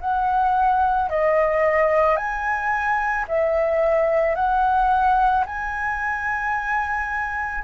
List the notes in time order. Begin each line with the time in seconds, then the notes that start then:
0.00 F#5
1.10 D#5
2.16 G#5
3.28 E5
4.35 F#5
5.45 G#5